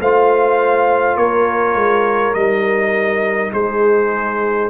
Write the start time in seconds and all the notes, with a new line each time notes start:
0.00 A3 F4 C5 F5
1.16 A#3 A#4 C#5
1.75 G#3
2.34 G3 D#4 D#5
3.52 G#3 G#4 C5